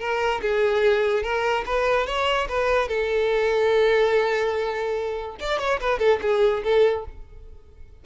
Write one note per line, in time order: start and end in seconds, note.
0.00 0.41 A#4
0.42 1.23 G#4
1.23 1.65 A#4
1.66 2.07 B4
2.07 2.48 C#5
2.49 2.89 B4
2.89 5.37 A4
5.40 5.59 D5
5.59 5.80 C#5
5.80 5.99 B4
5.99 6.20 A4
6.22 6.63 G#4
6.64 7.05 A4